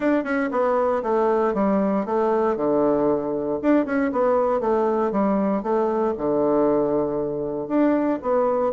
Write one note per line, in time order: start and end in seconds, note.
0.00 0.24 D4
0.24 0.49 C#4
0.51 1.02 B3
1.02 1.54 A3
1.54 2.05 G3
2.05 2.56 A3
2.56 3.59 D3
3.62 3.85 D4
3.85 4.11 C#4
4.12 4.60 B3
4.60 5.11 A3
5.11 5.62 G3
5.62 6.14 A3
6.17 7.68 D3
7.68 8.19 D4
8.22 8.72 B3